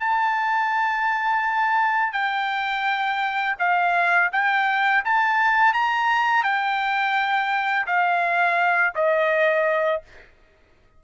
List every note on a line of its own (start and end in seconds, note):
0.00 2.13 A5
2.13 3.56 G5
3.59 4.31 F5
4.32 5.04 G5
5.05 5.74 A5
5.74 6.44 A#5
6.44 7.86 G5
7.87 8.94 F5
8.95 10.02 D#5